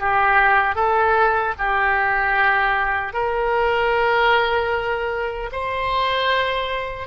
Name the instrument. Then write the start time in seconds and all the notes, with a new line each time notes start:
oboe
0.00 G4
0.75 A4
1.59 G4
3.13 A#4
5.52 C5